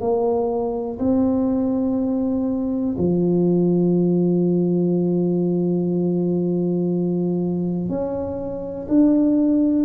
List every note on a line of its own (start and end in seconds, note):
0.00 0.98 A#3
0.99 2.96 C4
2.97 7.89 F3
7.89 8.87 C#4
8.88 9.85 D4